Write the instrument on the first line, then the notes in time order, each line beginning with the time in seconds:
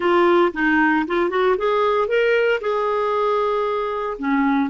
clarinet
0.00 F4
0.53 D#4
1.07 F4
1.30 F#4
1.57 G#4
2.08 A#4
2.60 G#4
4.18 C#4